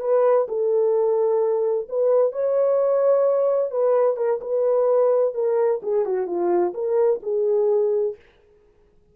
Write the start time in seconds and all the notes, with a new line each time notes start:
0.00 B4
0.48 A4
1.89 B4
2.32 C#5
3.71 B4
4.16 A#4
4.41 B4
5.34 A#4
5.82 G#4
6.05 F#4
6.26 F4
6.74 A#4
7.23 G#4